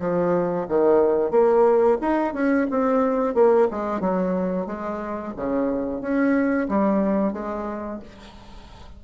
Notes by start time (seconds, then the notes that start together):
0.00 F3
0.69 D#3
1.31 A#3
2.02 D#4
2.34 C#4
2.71 C4
3.35 A#3
3.71 G#3
4.01 F#3
4.67 G#3
5.37 C#3
6.02 C#4
6.69 G3
7.33 G#3